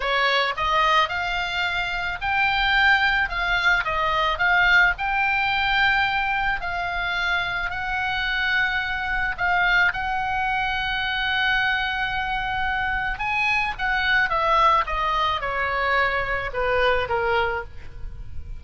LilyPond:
\new Staff \with { instrumentName = "oboe" } { \time 4/4 \tempo 4 = 109 cis''4 dis''4 f''2 | g''2 f''4 dis''4 | f''4 g''2. | f''2 fis''2~ |
fis''4 f''4 fis''2~ | fis''1 | gis''4 fis''4 e''4 dis''4 | cis''2 b'4 ais'4 | }